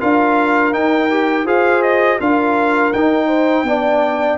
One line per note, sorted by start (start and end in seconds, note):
0.00 0.74 D4
0.00 0.73 F4
0.00 1.46 A#4
0.00 0.74 F5
0.73 1.10 D#4
0.73 1.45 D#4
0.73 1.47 G5
1.11 1.46 G4
1.45 2.19 F4
1.45 2.19 G#4
1.45 2.19 C5
1.45 1.83 F5
1.83 2.19 D#5
2.20 2.94 D4
2.20 2.93 F4
2.20 3.28 A#4
2.20 2.93 F5
2.93 3.64 D#4
2.93 3.66 D#4
2.93 4.38 G5
3.28 3.64 C5
3.64 4.37 B3
3.64 4.38 D4
3.64 4.38 D5